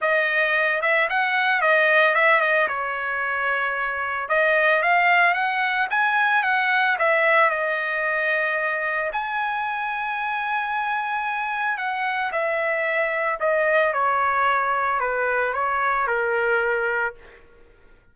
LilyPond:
\new Staff \with { instrumentName = "trumpet" } { \time 4/4 \tempo 4 = 112 dis''4. e''8 fis''4 dis''4 | e''8 dis''8 cis''2. | dis''4 f''4 fis''4 gis''4 | fis''4 e''4 dis''2~ |
dis''4 gis''2.~ | gis''2 fis''4 e''4~ | e''4 dis''4 cis''2 | b'4 cis''4 ais'2 | }